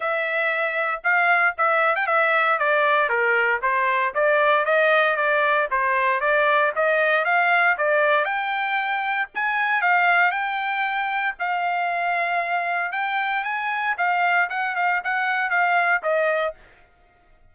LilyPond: \new Staff \with { instrumentName = "trumpet" } { \time 4/4 \tempo 4 = 116 e''2 f''4 e''8. g''16 | e''4 d''4 ais'4 c''4 | d''4 dis''4 d''4 c''4 | d''4 dis''4 f''4 d''4 |
g''2 gis''4 f''4 | g''2 f''2~ | f''4 g''4 gis''4 f''4 | fis''8 f''8 fis''4 f''4 dis''4 | }